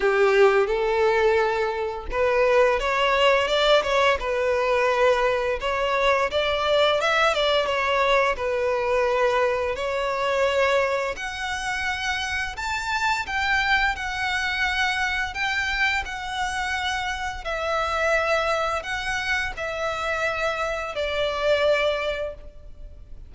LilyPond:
\new Staff \with { instrumentName = "violin" } { \time 4/4 \tempo 4 = 86 g'4 a'2 b'4 | cis''4 d''8 cis''8 b'2 | cis''4 d''4 e''8 d''8 cis''4 | b'2 cis''2 |
fis''2 a''4 g''4 | fis''2 g''4 fis''4~ | fis''4 e''2 fis''4 | e''2 d''2 | }